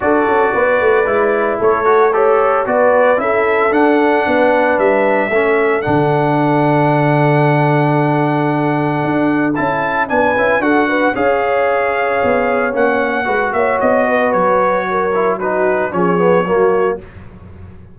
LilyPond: <<
  \new Staff \with { instrumentName = "trumpet" } { \time 4/4 \tempo 4 = 113 d''2. cis''4 | a'4 d''4 e''4 fis''4~ | fis''4 e''2 fis''4~ | fis''1~ |
fis''2 a''4 gis''4 | fis''4 f''2. | fis''4. e''8 dis''4 cis''4~ | cis''4 b'4 cis''2 | }
  \new Staff \with { instrumentName = "horn" } { \time 4/4 a'4 b'2 a'4 | cis''4 b'4 a'2 | b'2 a'2~ | a'1~ |
a'2. b'4 | a'8 b'8 cis''2.~ | cis''4 b'8 cis''4 b'4. | ais'4 fis'4 gis'4 fis'4 | }
  \new Staff \with { instrumentName = "trombone" } { \time 4/4 fis'2 e'4. fis'8 | g'4 fis'4 e'4 d'4~ | d'2 cis'4 d'4~ | d'1~ |
d'2 e'4 d'8 e'8 | fis'4 gis'2. | cis'4 fis'2.~ | fis'8 e'8 dis'4 cis'8 b8 ais4 | }
  \new Staff \with { instrumentName = "tuba" } { \time 4/4 d'8 cis'8 b8 a8 gis4 a4~ | a4 b4 cis'4 d'4 | b4 g4 a4 d4~ | d1~ |
d4 d'4 cis'4 b8 cis'8 | d'4 cis'2 b4 | ais4 gis8 ais8 b4 fis4~ | fis2 f4 fis4 | }
>>